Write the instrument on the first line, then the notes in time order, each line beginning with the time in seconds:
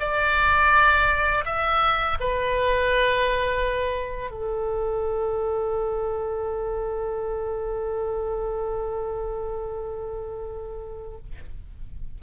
oboe
0.00 D5
1.45 E5
2.20 B4
4.31 A4